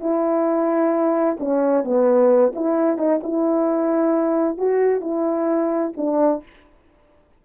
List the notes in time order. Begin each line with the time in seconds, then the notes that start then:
0.00 E4
1.40 C#4
1.84 B3
2.55 E4
2.98 D#4
3.23 E4
4.58 F#4
5.01 E4
5.97 D4